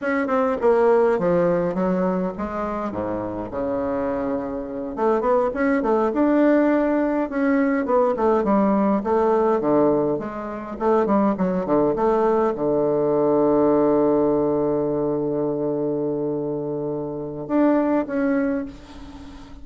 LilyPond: \new Staff \with { instrumentName = "bassoon" } { \time 4/4 \tempo 4 = 103 cis'8 c'8 ais4 f4 fis4 | gis4 gis,4 cis2~ | cis8 a8 b8 cis'8 a8 d'4.~ | d'8 cis'4 b8 a8 g4 a8~ |
a8 d4 gis4 a8 g8 fis8 | d8 a4 d2~ d8~ | d1~ | d2 d'4 cis'4 | }